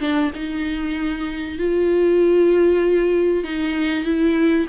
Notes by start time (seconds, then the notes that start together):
0.00 D4
0.35 D#4
1.59 F4
3.44 D#4
4.04 E4